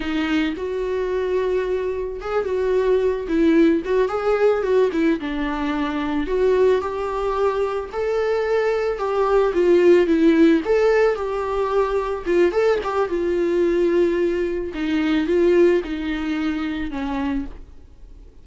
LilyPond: \new Staff \with { instrumentName = "viola" } { \time 4/4 \tempo 4 = 110 dis'4 fis'2. | gis'8 fis'4. e'4 fis'8 gis'8~ | gis'8 fis'8 e'8 d'2 fis'8~ | fis'8 g'2 a'4.~ |
a'8 g'4 f'4 e'4 a'8~ | a'8 g'2 f'8 a'8 g'8 | f'2. dis'4 | f'4 dis'2 cis'4 | }